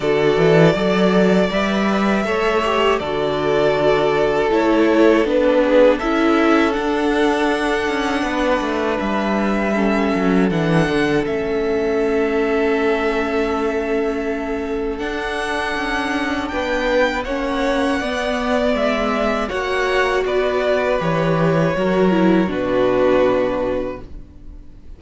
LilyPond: <<
  \new Staff \with { instrumentName = "violin" } { \time 4/4 \tempo 4 = 80 d''2 e''2 | d''2 cis''4 b'4 | e''4 fis''2. | e''2 fis''4 e''4~ |
e''1 | fis''2 g''4 fis''4~ | fis''4 e''4 fis''4 d''4 | cis''2 b'2 | }
  \new Staff \with { instrumentName = "violin" } { \time 4/4 a'4 d''2 cis''4 | a'2.~ a'8 gis'8 | a'2. b'4~ | b'4 a'2.~ |
a'1~ | a'2 b'4 cis''4 | d''2 cis''4 b'4~ | b'4 ais'4 fis'2 | }
  \new Staff \with { instrumentName = "viola" } { \time 4/4 fis'4 a'4 b'4 a'8 g'8 | fis'2 e'4 d'4 | e'4 d'2.~ | d'4 cis'4 d'4 cis'4~ |
cis'1 | d'2. cis'4 | b2 fis'2 | g'4 fis'8 e'8 d'2 | }
  \new Staff \with { instrumentName = "cello" } { \time 4/4 d8 e8 fis4 g4 a4 | d2 a4 b4 | cis'4 d'4. cis'8 b8 a8 | g4. fis8 e8 d8 a4~ |
a1 | d'4 cis'4 b4 ais4 | b4 gis4 ais4 b4 | e4 fis4 b,2 | }
>>